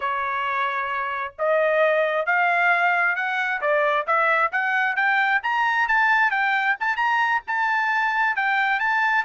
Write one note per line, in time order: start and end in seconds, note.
0.00 1.33 C#5
1.38 2.26 D#5
2.26 3.15 F5
3.15 3.60 F#5
3.61 4.06 D5
4.06 4.51 E5
4.52 4.96 F#5
4.96 5.41 G5
5.42 5.87 A#5
5.88 6.31 A5
6.31 6.76 G5
6.79 6.96 A5
6.96 7.41 A#5
7.47 8.35 A5
8.35 8.79 G5
8.79 9.24 A5